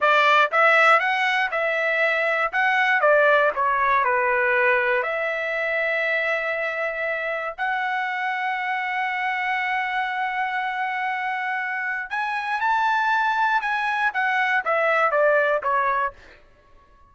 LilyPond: \new Staff \with { instrumentName = "trumpet" } { \time 4/4 \tempo 4 = 119 d''4 e''4 fis''4 e''4~ | e''4 fis''4 d''4 cis''4 | b'2 e''2~ | e''2. fis''4~ |
fis''1~ | fis''1 | gis''4 a''2 gis''4 | fis''4 e''4 d''4 cis''4 | }